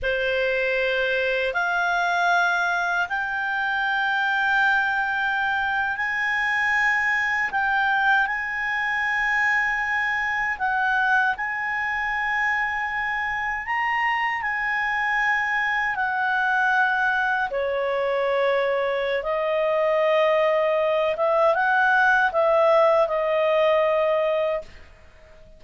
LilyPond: \new Staff \with { instrumentName = "clarinet" } { \time 4/4 \tempo 4 = 78 c''2 f''2 | g''2.~ g''8. gis''16~ | gis''4.~ gis''16 g''4 gis''4~ gis''16~ | gis''4.~ gis''16 fis''4 gis''4~ gis''16~ |
gis''4.~ gis''16 ais''4 gis''4~ gis''16~ | gis''8. fis''2 cis''4~ cis''16~ | cis''4 dis''2~ dis''8 e''8 | fis''4 e''4 dis''2 | }